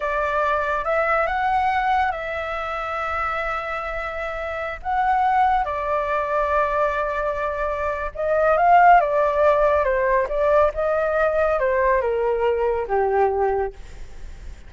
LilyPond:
\new Staff \with { instrumentName = "flute" } { \time 4/4 \tempo 4 = 140 d''2 e''4 fis''4~ | fis''4 e''2.~ | e''2.~ e''16 fis''8.~ | fis''4~ fis''16 d''2~ d''8.~ |
d''2. dis''4 | f''4 d''2 c''4 | d''4 dis''2 c''4 | ais'2 g'2 | }